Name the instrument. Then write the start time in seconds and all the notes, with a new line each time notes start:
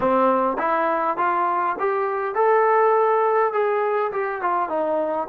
trombone
0.00 C4
0.58 E4
1.17 F4
1.79 G4
2.34 A4
3.52 G#4
4.12 G4
4.41 F4
4.69 D#4